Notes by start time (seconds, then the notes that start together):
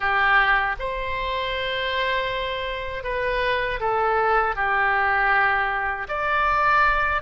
0.00 G4
0.79 C5
3.03 B4
3.80 A4
4.55 G4
6.08 D5